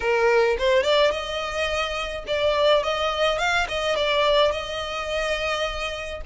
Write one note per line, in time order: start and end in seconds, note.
0.00 0.57 A#4
0.58 0.83 C5
0.83 1.11 D5
1.11 2.24 D#5
2.27 2.83 D5
2.83 3.38 D#5
3.38 3.66 F5
3.68 3.95 D#5
3.95 4.51 D5
4.51 6.21 D#5